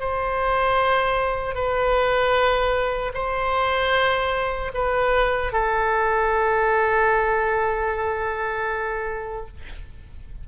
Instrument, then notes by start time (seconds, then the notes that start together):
oboe
0.00 C5
1.55 B4
3.14 C5
4.74 B4
5.53 A4